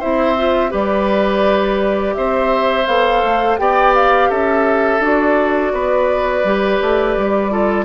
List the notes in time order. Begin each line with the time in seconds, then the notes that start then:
0.00 C4 E4 C5 E5
0.37 F4
0.70 G3 G4 B4 D5
2.15 C4 C5 E5
2.86 B3 A4 F5
3.24 A3
3.58 B3 G4 D5 G5
3.95 F5
4.30 C#4 A4 E5
5.00 D4 F#4 D5
5.73 B3 B4
6.44 G3 G4
6.82 A3
7.17 G3
7.50 F4 A4